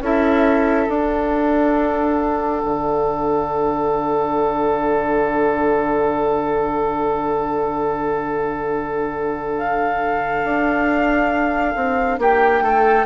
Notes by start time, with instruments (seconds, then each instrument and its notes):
0.00 bassoon C#4, clarinet E4, oboe A4, flute E5
0.87 clarinet D4, bassoon D4, flute F#5
2.64 bassoon D3
9.58 flute F5
10.44 bassoon D4
11.75 bassoon C4
12.18 bassoon A#3, oboe G4, flute G5
12.61 bassoon A3, oboe A4